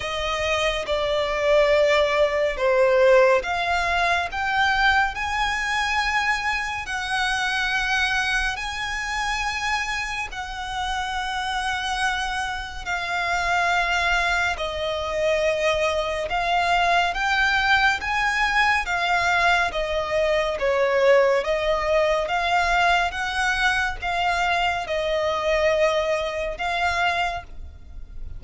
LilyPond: \new Staff \with { instrumentName = "violin" } { \time 4/4 \tempo 4 = 70 dis''4 d''2 c''4 | f''4 g''4 gis''2 | fis''2 gis''2 | fis''2. f''4~ |
f''4 dis''2 f''4 | g''4 gis''4 f''4 dis''4 | cis''4 dis''4 f''4 fis''4 | f''4 dis''2 f''4 | }